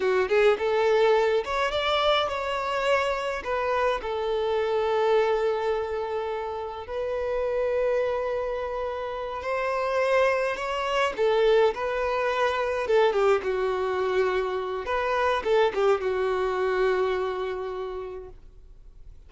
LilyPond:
\new Staff \with { instrumentName = "violin" } { \time 4/4 \tempo 4 = 105 fis'8 gis'8 a'4. cis''8 d''4 | cis''2 b'4 a'4~ | a'1 | b'1~ |
b'8 c''2 cis''4 a'8~ | a'8 b'2 a'8 g'8 fis'8~ | fis'2 b'4 a'8 g'8 | fis'1 | }